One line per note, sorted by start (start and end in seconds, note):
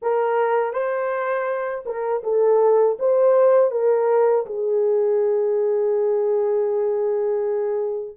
0.02 0.73 A#4
0.73 1.84 C5
1.85 2.22 A#4
2.23 2.97 A4
2.99 3.71 C5
3.71 4.45 A#4
4.46 8.16 G#4